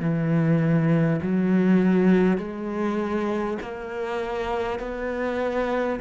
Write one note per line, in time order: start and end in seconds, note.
0.00 1.20 E3
1.22 2.38 F#3
2.38 3.58 G#3
3.62 4.79 A#3
4.79 5.99 B3